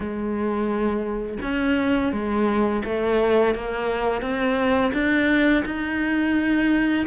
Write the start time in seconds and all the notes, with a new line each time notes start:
0.00 G#3
1.42 C#4
2.12 G#3
2.84 A3
3.54 A#3
4.21 C4
4.93 D4
5.65 D#4